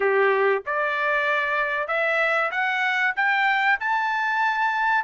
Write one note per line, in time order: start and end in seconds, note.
0.00 0.63 G4
0.66 1.87 D5
1.87 2.50 E5
2.51 3.14 F#5
3.16 3.79 G5
3.80 5.04 A5